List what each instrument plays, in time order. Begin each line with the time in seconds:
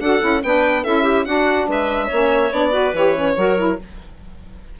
0.00 bassoon D4, saxophone F#4, clarinet A4, violin F#5
0.20 bassoon C#4, saxophone E4
0.43 bassoon B3, saxophone D4, clarinet B4, violin G5
0.84 bassoon C#4, saxophone E4, clarinet A4, violin E5
1.03 clarinet G4
1.25 saxophone D4, bassoon D4, clarinet F#4, violin F#5
1.68 bassoon G#3, clarinet B4, violin E5
2.07 bassoon A#3, saxophone C#4, clarinet C#5
2.51 bassoon B3, saxophone D4, violin D5
2.71 saxophone F#4, clarinet B4
2.93 bassoon E3, saxophone G4, violin C#5
3.15 saxophone C#4
3.37 bassoon F#3, saxophone F#4, clarinet A#4
3.58 saxophone E4